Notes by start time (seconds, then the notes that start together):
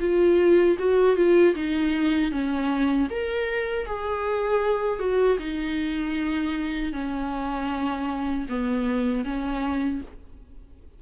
0.00 F4
0.79 F#4
1.16 F4
1.55 D#4
2.31 C#4
3.10 A#4
3.86 G#4
4.99 F#4
5.38 D#4
6.92 C#4
8.49 B3
9.24 C#4